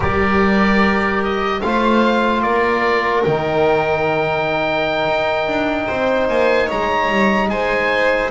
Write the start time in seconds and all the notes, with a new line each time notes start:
0.00 G3 G4 A#4 D5
1.23 D#5
1.61 A3 F4 C5 F5
2.42 A#3 A#4 D5
3.23 D#3 D#4 G5
5.06 D#4
5.47 D4
5.86 C4 C5
6.28 A#3 G#5
6.66 G#3 C#5 A#5
7.09 G3
7.48 G#3 C5 G#5